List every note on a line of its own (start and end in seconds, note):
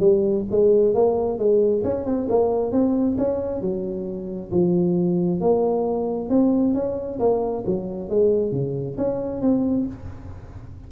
0.00 0.45 G3
0.51 0.94 G#3
0.94 1.39 A#3
1.39 1.83 G#3
1.84 2.05 C#4
2.05 2.28 C4
2.29 2.72 A#3
2.72 3.17 C4
3.18 3.61 C#4
3.61 4.51 F#3
4.51 5.41 F3
5.41 6.30 A#3
6.30 6.74 C4
6.74 7.19 C#4
7.19 7.64 A#3
7.66 8.10 F#3
8.10 8.52 G#3
8.52 8.97 C#3
8.98 9.42 C#4
9.42 9.86 C4